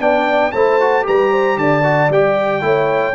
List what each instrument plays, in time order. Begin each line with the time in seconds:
0.00 tuba B3, trombone D4, horn D5, trumpet G5
0.52 tuba A3, trombone E4, horn C5, trumpet A5
0.81 trombone F#4
1.03 tuba G3, trombone G4, horn B4, trumpet A#5
1.32 horn C5
1.57 tuba D3, horn D5, trumpet A5
1.84 trombone F#4
2.10 tuba G3, trombone G4, trumpet G5
2.61 tuba A3, trombone E4, horn C#5